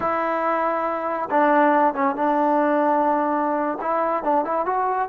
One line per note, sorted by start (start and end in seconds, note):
0.00 1.29 E4
1.30 1.94 D4
1.94 2.15 C#4
2.15 3.78 D4
3.81 4.23 E4
4.23 4.44 D4
4.44 4.65 E4
4.65 5.08 F#4